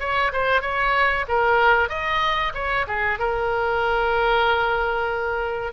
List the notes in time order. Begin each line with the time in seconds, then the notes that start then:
0.00 C#5
0.33 C5
0.62 C#5
1.29 A#4
1.89 D#5
2.54 C#5
2.88 G#4
3.19 A#4